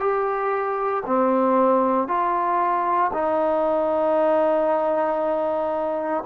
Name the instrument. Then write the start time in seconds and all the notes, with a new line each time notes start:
trombone
0.00 G4
1.06 C4
2.08 F4
3.14 D#4